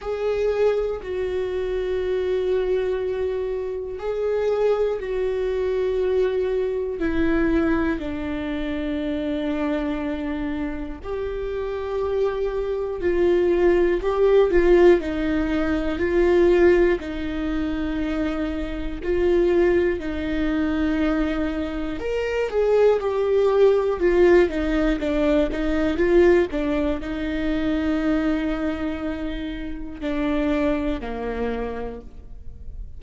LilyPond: \new Staff \with { instrumentName = "viola" } { \time 4/4 \tempo 4 = 60 gis'4 fis'2. | gis'4 fis'2 e'4 | d'2. g'4~ | g'4 f'4 g'8 f'8 dis'4 |
f'4 dis'2 f'4 | dis'2 ais'8 gis'8 g'4 | f'8 dis'8 d'8 dis'8 f'8 d'8 dis'4~ | dis'2 d'4 ais4 | }